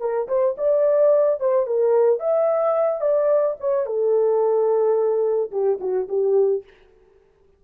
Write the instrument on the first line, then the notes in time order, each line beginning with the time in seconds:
horn
0.00 A#4
0.28 C5
0.58 D5
1.40 C5
1.66 A#4
2.20 E5
3.01 D5
3.60 C#5
3.86 A4
5.51 G4
5.80 F#4
6.08 G4